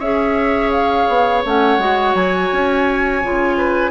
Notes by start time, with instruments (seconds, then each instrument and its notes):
0.00 bassoon C#4, clarinet G#4, oboe C#5, flute E5
0.72 flute F5
1.09 bassoon B3
1.46 bassoon A3, clarinet C#4, flute F#5
1.79 bassoon G#3, clarinet F#4
2.15 bassoon F#3, flute G#5
2.53 bassoon C#4
3.24 bassoon C#3, clarinet F4
3.58 oboe B4